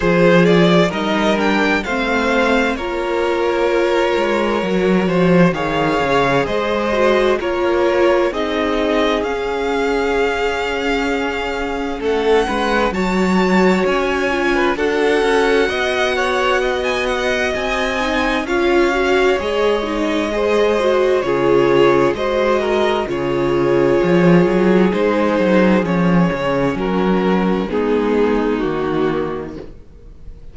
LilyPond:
<<
  \new Staff \with { instrumentName = "violin" } { \time 4/4 \tempo 4 = 65 c''8 d''8 dis''8 g''8 f''4 cis''4~ | cis''2 f''4 dis''4 | cis''4 dis''4 f''2~ | f''4 fis''4 a''4 gis''4 |
fis''2~ fis''16 gis''16 fis''8 gis''4 | f''4 dis''2 cis''4 | dis''4 cis''2 c''4 | cis''4 ais'4 gis'4 fis'4 | }
  \new Staff \with { instrumentName = "violin" } { \time 4/4 gis'4 ais'4 c''4 ais'4~ | ais'4. c''8 cis''4 c''4 | ais'4 gis'2.~ | gis'4 a'8 b'8 cis''4.~ cis''16 b'16 |
a'4 dis''8 cis''8 dis''2 | cis''2 c''4 gis'4 | c''8 ais'8 gis'2.~ | gis'4 fis'4 dis'2 | }
  \new Staff \with { instrumentName = "viola" } { \time 4/4 f'4 dis'8 d'8 c'4 f'4~ | f'4 fis'4 gis'4. fis'8 | f'4 dis'4 cis'2~ | cis'2 fis'4. f'8 |
fis'2.~ fis'8 dis'8 | f'8 fis'8 gis'8 dis'8 gis'8 fis'8 f'4 | fis'4 f'2 dis'4 | cis'2 b4 ais4 | }
  \new Staff \with { instrumentName = "cello" } { \time 4/4 f4 g4 a4 ais4~ | ais8 gis8 fis8 f8 dis8 cis8 gis4 | ais4 c'4 cis'2~ | cis'4 a8 gis8 fis4 cis'4 |
d'8 cis'8 b2 c'4 | cis'4 gis2 cis4 | gis4 cis4 f8 fis8 gis8 fis8 | f8 cis8 fis4 gis4 dis4 | }
>>